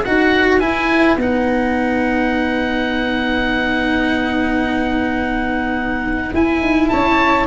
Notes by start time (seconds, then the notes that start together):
0.00 F#4 B4 F#5
0.07 D#4
0.60 E4 G#5
1.16 B3 D#4 F#5
6.33 E4 G#5
6.61 D#4
6.88 C#4 C#5 A5